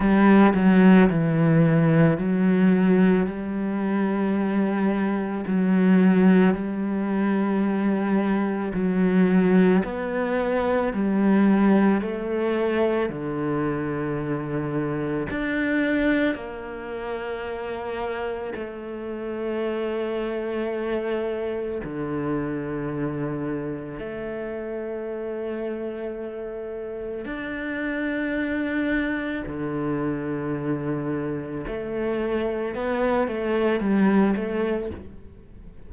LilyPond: \new Staff \with { instrumentName = "cello" } { \time 4/4 \tempo 4 = 55 g8 fis8 e4 fis4 g4~ | g4 fis4 g2 | fis4 b4 g4 a4 | d2 d'4 ais4~ |
ais4 a2. | d2 a2~ | a4 d'2 d4~ | d4 a4 b8 a8 g8 a8 | }